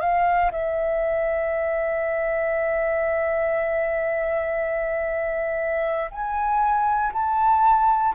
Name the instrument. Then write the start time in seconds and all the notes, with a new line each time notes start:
flute
0.00 F5
0.51 E5
6.11 G#5
7.13 A5